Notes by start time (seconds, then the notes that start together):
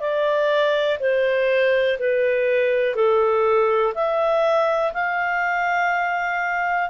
0.00 D5
0.99 C5
1.99 B4
2.95 A4
3.94 E5
4.93 F5